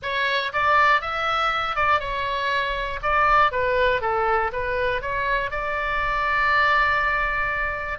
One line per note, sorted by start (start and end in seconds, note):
0.02 0.52 C#5
0.53 1.01 D5
1.01 1.75 E5
1.75 2.00 D5
2.00 3.00 C#5
3.02 3.51 D5
3.51 4.01 B4
4.01 4.51 A4
4.52 5.01 B4
5.01 5.50 C#5
5.50 7.98 D5